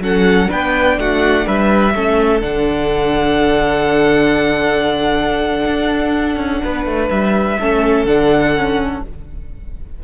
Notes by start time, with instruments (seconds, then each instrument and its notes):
0.00 cello F#3, viola C#4, violin A4 F#5
0.49 cello B3, viola D4, violin B4 G5
0.98 cello A3, violin F#4 F#5
1.46 cello G3, violin B4 E5
1.95 cello A3, viola C#4, violin A4
2.41 cello D3, viola D4, violin F#5
5.66 cello D4
6.37 cello C#4
6.64 cello B3, violin B4
6.86 cello A3
7.10 cello G3, violin E5
7.59 cello A3, viola C#4, violin A4
8.05 cello D3, viola D4, violin F#5
8.56 viola C#4